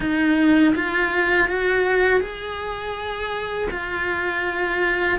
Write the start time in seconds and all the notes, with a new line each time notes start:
0.00 D#4
0.75 F4
1.48 F#4
2.20 G#4
3.70 F4